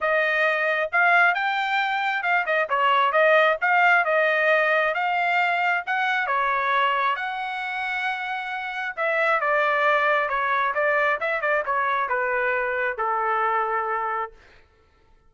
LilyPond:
\new Staff \with { instrumentName = "trumpet" } { \time 4/4 \tempo 4 = 134 dis''2 f''4 g''4~ | g''4 f''8 dis''8 cis''4 dis''4 | f''4 dis''2 f''4~ | f''4 fis''4 cis''2 |
fis''1 | e''4 d''2 cis''4 | d''4 e''8 d''8 cis''4 b'4~ | b'4 a'2. | }